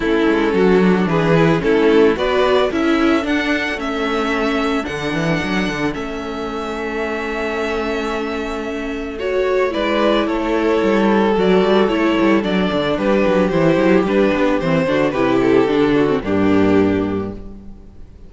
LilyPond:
<<
  \new Staff \with { instrumentName = "violin" } { \time 4/4 \tempo 4 = 111 a'2 b'4 a'4 | d''4 e''4 fis''4 e''4~ | e''4 fis''2 e''4~ | e''1~ |
e''4 cis''4 d''4 cis''4~ | cis''4 d''4 cis''4 d''4 | b'4 c''4 b'4 c''4 | b'8 a'4. g'2 | }
  \new Staff \with { instrumentName = "violin" } { \time 4/4 e'4 fis'4 gis'4 e'4 | b'4 a'2.~ | a'1~ | a'1~ |
a'2 b'4 a'4~ | a'1 | g'2.~ g'8 fis'8 | g'4. fis'8 d'2 | }
  \new Staff \with { instrumentName = "viola" } { \time 4/4 cis'4. d'4 e'8 cis'4 | fis'4 e'4 d'4 cis'4~ | cis'4 d'2 cis'4~ | cis'1~ |
cis'4 fis'4 e'2~ | e'4 fis'4 e'4 d'4~ | d'4 e'4 d'4 c'8 d'8 | e'4 d'8. c'16 ais2 | }
  \new Staff \with { instrumentName = "cello" } { \time 4/4 a8 gis8 fis4 e4 a4 | b4 cis'4 d'4 a4~ | a4 d8 e8 fis8 d8 a4~ | a1~ |
a2 gis4 a4 | g4 fis8 g8 a8 g8 fis8 d8 | g8 fis8 e8 fis8 g8 b8 e8 d8 | c4 d4 g,2 | }
>>